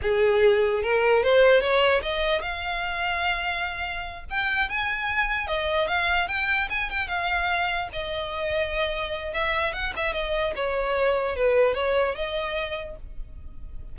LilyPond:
\new Staff \with { instrumentName = "violin" } { \time 4/4 \tempo 4 = 148 gis'2 ais'4 c''4 | cis''4 dis''4 f''2~ | f''2~ f''8 g''4 gis''8~ | gis''4. dis''4 f''4 g''8~ |
g''8 gis''8 g''8 f''2 dis''8~ | dis''2. e''4 | fis''8 e''8 dis''4 cis''2 | b'4 cis''4 dis''2 | }